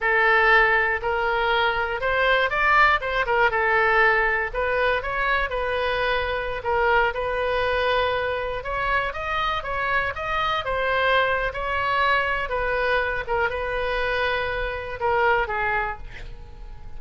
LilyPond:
\new Staff \with { instrumentName = "oboe" } { \time 4/4 \tempo 4 = 120 a'2 ais'2 | c''4 d''4 c''8 ais'8 a'4~ | a'4 b'4 cis''4 b'4~ | b'4~ b'16 ais'4 b'4.~ b'16~ |
b'4~ b'16 cis''4 dis''4 cis''8.~ | cis''16 dis''4 c''4.~ c''16 cis''4~ | cis''4 b'4. ais'8 b'4~ | b'2 ais'4 gis'4 | }